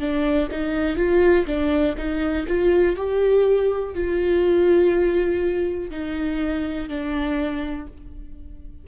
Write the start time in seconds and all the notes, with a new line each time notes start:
0.00 D4
0.51 D#4
0.97 F4
1.47 D4
1.98 D#4
2.48 F4
2.96 G4
3.95 F4
5.91 D#4
6.89 D4